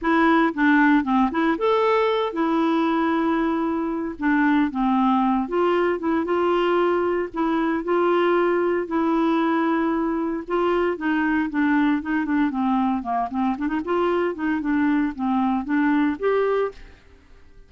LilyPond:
\new Staff \with { instrumentName = "clarinet" } { \time 4/4 \tempo 4 = 115 e'4 d'4 c'8 e'8 a'4~ | a'8 e'2.~ e'8 | d'4 c'4. f'4 e'8 | f'2 e'4 f'4~ |
f'4 e'2. | f'4 dis'4 d'4 dis'8 d'8 | c'4 ais8 c'8 d'16 dis'16 f'4 dis'8 | d'4 c'4 d'4 g'4 | }